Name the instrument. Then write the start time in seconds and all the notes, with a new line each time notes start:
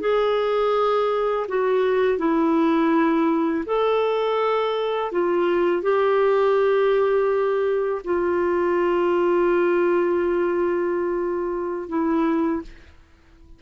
clarinet
0.00 G#4
1.48 F#4
2.18 E4
3.66 A4
5.12 F4
5.82 G4
8.04 F4
11.88 E4